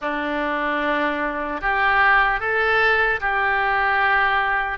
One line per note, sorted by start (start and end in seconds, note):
0.01 1.61 D4
1.61 2.40 G4
2.40 3.20 A4
3.20 4.78 G4